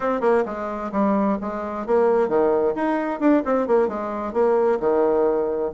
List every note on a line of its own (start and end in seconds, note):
0.00 0.21 C4
0.21 0.44 A#3
0.45 0.91 G#3
0.92 1.37 G3
1.41 1.86 G#3
1.86 2.28 A#3
2.28 2.74 D#3
2.75 3.19 D#4
3.19 3.42 D4
3.45 3.67 C4
3.67 3.87 A#3
3.87 4.33 G#3
4.33 4.78 A#3
4.79 5.71 D#3